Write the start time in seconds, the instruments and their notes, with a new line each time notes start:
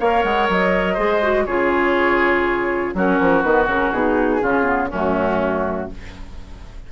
0.00 bassoon A#3, clarinet A#4, oboe C#5, flute F5
0.24 bassoon G#3, flute F#5
0.49 bassoon F#3, flute D#5
0.94 bassoon G#3, clarinet G#4, oboe C5
1.22 clarinet F#4
1.45 bassoon C#3, clarinet F4, oboe G#4, flute C#5
2.95 bassoon F#3, clarinet C#4, oboe F#4, flute A#4
3.21 bassoon F3
3.42 bassoon D#3, clarinet B3, flute B4
3.67 bassoon C#3, clarinet C#4, flute A#4
3.92 bassoon B2, clarinet D#4, flute G#4
4.41 bassoon C#3, clarinet C#4, oboe F4
4.63 clarinet B3
4.89 bassoon F#2, clarinet A3, oboe C#4, flute F#4